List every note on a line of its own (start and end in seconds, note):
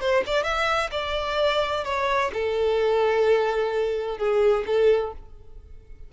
0.00 0.23 C5
0.26 0.43 D5
0.43 0.90 E5
0.91 1.84 D5
1.84 2.31 C#5
2.33 4.17 A4
4.17 4.64 G#4
4.66 5.12 A4